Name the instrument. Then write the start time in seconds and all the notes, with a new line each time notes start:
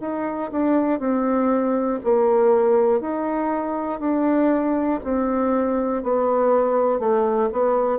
bassoon
0.00 D#4
0.51 D4
1.00 C4
2.04 A#3
3.00 D#4
4.00 D4
5.04 C4
6.03 B3
6.99 A3
7.52 B3